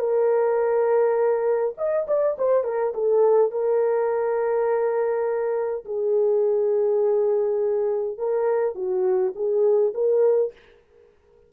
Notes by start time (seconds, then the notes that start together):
0.00 A#4
1.78 D#5
2.08 D5
2.39 C5
2.65 A#4
2.95 A4
3.52 A#4
5.86 G#4
8.18 A#4
8.76 F#4
9.36 G#4
9.95 A#4